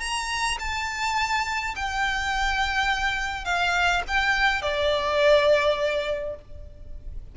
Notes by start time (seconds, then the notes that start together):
0.00 A#5
0.59 A5
1.75 G5
3.45 F5
4.08 G5
4.62 D5